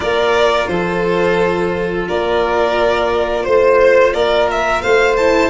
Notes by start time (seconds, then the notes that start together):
0.00 A#3 F4 A#4 D5
0.67 F3 A4 C5
2.07 A#3 A#4 D5
3.43 A3 C5
4.13 A#3 A#4 D5
4.51 E5
4.81 A3 C5 F5
5.16 E4 A5